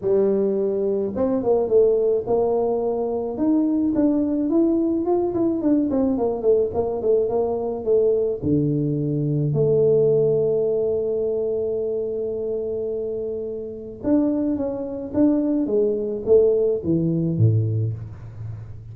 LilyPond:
\new Staff \with { instrumentName = "tuba" } { \time 4/4 \tempo 4 = 107 g2 c'8 ais8 a4 | ais2 dis'4 d'4 | e'4 f'8 e'8 d'8 c'8 ais8 a8 | ais8 a8 ais4 a4 d4~ |
d4 a2.~ | a1~ | a4 d'4 cis'4 d'4 | gis4 a4 e4 a,4 | }